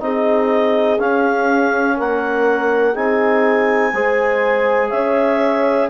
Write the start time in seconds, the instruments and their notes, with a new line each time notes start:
0.00 bassoon C4, trombone D#4, horn G#4, clarinet D#5
0.99 bassoon C#4, trombone C#4, clarinet F5
1.97 bassoon A#3, horn A#4, clarinet F#5
2.93 bassoon C4, trombone D#4, horn G#4, clarinet G#5
3.93 bassoon G#3, trombone G#4, horn C5
4.90 bassoon C#4, horn C#5, clarinet E5